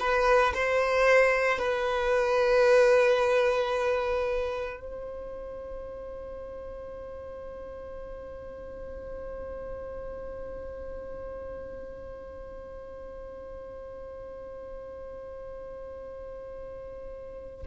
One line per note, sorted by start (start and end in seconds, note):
0.00 0.54 B4
0.55 1.59 C5
1.59 4.81 B4
4.81 17.66 C5